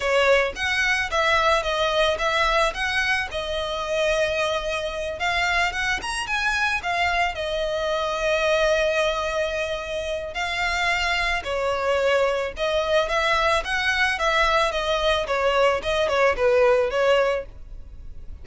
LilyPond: \new Staff \with { instrumentName = "violin" } { \time 4/4 \tempo 4 = 110 cis''4 fis''4 e''4 dis''4 | e''4 fis''4 dis''2~ | dis''4. f''4 fis''8 ais''8 gis''8~ | gis''8 f''4 dis''2~ dis''8~ |
dis''2. f''4~ | f''4 cis''2 dis''4 | e''4 fis''4 e''4 dis''4 | cis''4 dis''8 cis''8 b'4 cis''4 | }